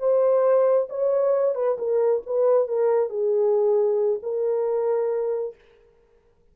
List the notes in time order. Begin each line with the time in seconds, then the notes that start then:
0.00 C5
0.90 C#5
1.56 B4
1.79 A#4
2.27 B4
2.68 A#4
3.10 G#4
4.23 A#4